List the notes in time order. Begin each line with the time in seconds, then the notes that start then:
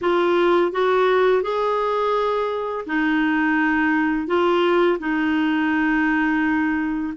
0.01 F4
0.72 F#4
1.42 G#4
2.86 D#4
4.27 F4
4.99 D#4